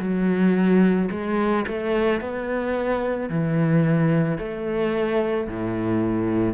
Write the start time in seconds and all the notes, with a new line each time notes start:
0.00 F#3
1.11 G#3
1.68 A3
2.21 B3
3.30 E3
4.38 A3
5.47 A2